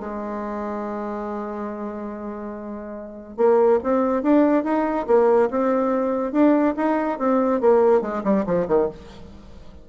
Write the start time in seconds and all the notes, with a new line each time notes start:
0.00 G#3
3.37 A#3
3.83 C4
4.23 D4
4.64 D#4
5.07 A#3
5.50 C4
6.32 D4
6.77 D#4
7.19 C4
7.61 A#3
8.01 G#3
8.24 G3
8.46 F3
8.68 D#3